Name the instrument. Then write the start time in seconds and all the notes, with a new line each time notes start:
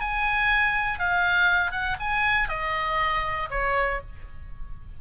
oboe
0.00 G#5
0.99 F5
1.71 F#5
2.00 G#5
2.49 D#5
3.50 C#5